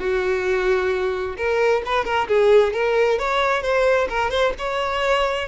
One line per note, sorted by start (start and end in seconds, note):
0.00 1.36 F#4
1.37 1.83 A#4
1.86 2.05 B4
2.05 2.28 A#4
2.28 2.74 G#4
2.74 3.19 A#4
3.19 3.62 C#5
3.62 4.08 C5
4.09 4.31 A#4
4.31 4.53 C5
4.58 5.48 C#5